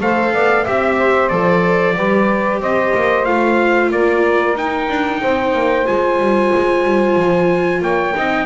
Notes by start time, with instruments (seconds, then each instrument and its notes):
0.00 double bass A3, viola A4, saxophone C5, trumpet F5
0.32 double bass B3, saxophone D5
0.63 double bass C4, viola G4, saxophone E5, trumpet E5
0.97 saxophone C5
1.28 double bass F3, viola A4, trumpet D5
1.95 double bass G3, viola G4, saxophone B4
2.60 double bass C4, saxophone C5, trumpet D#5
2.95 double bass A#3
3.25 double bass A3, viola F4, trumpet F5
3.91 double bass A#3, saxophone A#4, trumpet D5
4.55 double bass D#4, viola D#4, trumpet G5
4.89 double bass D4
5.21 double bass C4, saxophone C5
5.54 double bass A#3
5.85 double bass G#3, viola F4, trumpet G#5
6.19 double bass G3
6.55 double bass G#3
6.84 double bass G3
7.16 double bass F3
7.81 double bass A#3, saxophone C#5, trumpet G5
8.15 double bass C4, viola D#4, saxophone D#5